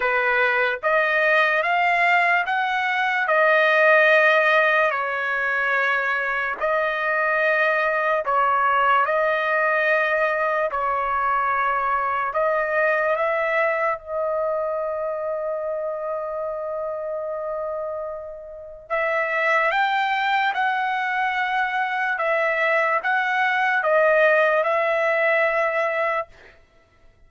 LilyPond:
\new Staff \with { instrumentName = "trumpet" } { \time 4/4 \tempo 4 = 73 b'4 dis''4 f''4 fis''4 | dis''2 cis''2 | dis''2 cis''4 dis''4~ | dis''4 cis''2 dis''4 |
e''4 dis''2.~ | dis''2. e''4 | g''4 fis''2 e''4 | fis''4 dis''4 e''2 | }